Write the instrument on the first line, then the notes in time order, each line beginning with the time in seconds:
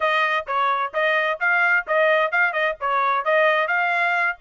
trumpet
0.00 D#5
0.46 C#5
0.93 D#5
1.40 F5
1.87 D#5
2.31 F5
2.52 D#5
2.80 C#5
3.24 D#5
3.67 F5